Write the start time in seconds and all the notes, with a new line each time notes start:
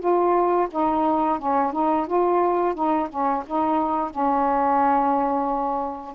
0.00 F4
0.71 D#4
1.39 C#4
1.73 D#4
2.07 F4
2.75 D#4
3.10 C#4
3.46 D#4
4.10 C#4